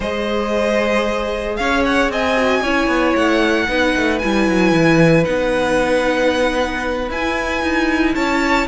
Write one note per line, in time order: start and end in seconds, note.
0.00 1.58 G#3
0.00 2.36 G#4
0.00 1.57 C5
0.00 1.56 D#5
1.56 2.09 C#4
1.56 2.11 C#5
1.56 1.82 F5
1.85 2.11 F#5
2.09 2.62 C4
2.09 2.62 D#5
2.09 3.15 G#5
2.36 2.62 F#4
2.62 2.87 C#4
2.62 3.68 E4
2.62 3.67 C#5
2.87 3.13 B3
3.15 3.68 A3
3.15 4.18 F#5
3.68 3.95 B3
3.68 4.20 D#4
3.68 8.15 B4
3.96 4.22 A3
4.18 4.48 G3
4.18 5.25 E4
4.18 5.24 G#5
4.48 4.72 F#3
4.72 5.24 E3
5.25 7.09 B3
5.25 7.09 D#4
5.25 7.09 F#5
7.09 7.62 E4
7.09 8.67 E4
7.09 8.15 G#5
7.62 8.15 D#4
8.15 8.67 C#4
8.15 8.67 C#5
8.15 8.67 A5